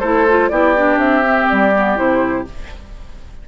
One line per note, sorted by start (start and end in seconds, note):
0.00 0.50 A3
0.00 0.27 E4
0.00 0.49 A4
0.00 0.49 C5
0.29 0.51 F4
0.49 0.97 B3
0.49 0.76 E4
0.49 2.49 G4
0.49 0.98 D5
0.76 1.24 D4
0.97 1.46 C4
0.97 1.48 E5
1.24 1.73 C4
1.49 1.99 G3
1.49 1.98 D5
1.76 1.96 B3
1.96 2.48 C3
1.96 2.45 E4
1.96 2.47 C5